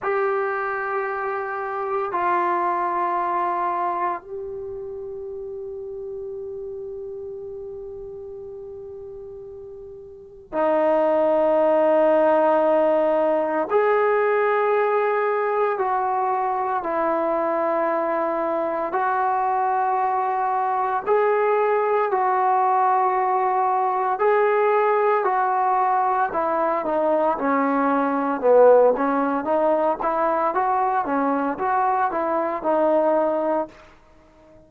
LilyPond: \new Staff \with { instrumentName = "trombone" } { \time 4/4 \tempo 4 = 57 g'2 f'2 | g'1~ | g'2 dis'2~ | dis'4 gis'2 fis'4 |
e'2 fis'2 | gis'4 fis'2 gis'4 | fis'4 e'8 dis'8 cis'4 b8 cis'8 | dis'8 e'8 fis'8 cis'8 fis'8 e'8 dis'4 | }